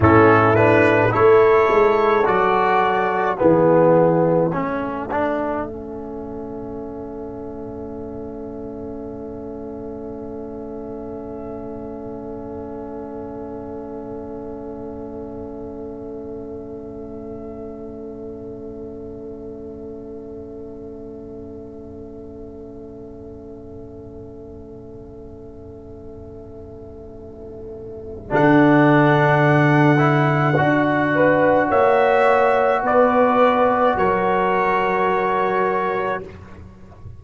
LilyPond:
<<
  \new Staff \with { instrumentName = "trumpet" } { \time 4/4 \tempo 4 = 53 a'8 b'8 cis''4 d''4 e''4~ | e''1~ | e''1~ | e''1~ |
e''1~ | e''1~ | e''4 fis''2. | e''4 d''4 cis''2 | }
  \new Staff \with { instrumentName = "horn" } { \time 4/4 e'4 a'2 gis'4 | a'1~ | a'1~ | a'1~ |
a'1~ | a'1~ | a'2.~ a'8 b'8 | cis''4 b'4 ais'2 | }
  \new Staff \with { instrumentName = "trombone" } { \time 4/4 cis'8 d'8 e'4 fis'4 b4 | cis'8 d'8 cis'2.~ | cis'1~ | cis'1~ |
cis'1~ | cis'1~ | cis'4 d'4. e'8 fis'4~ | fis'1 | }
  \new Staff \with { instrumentName = "tuba" } { \time 4/4 a,4 a8 gis8 fis4 e4 | a1~ | a1~ | a1~ |
a1~ | a1~ | a4 d2 d'4 | ais4 b4 fis2 | }
>>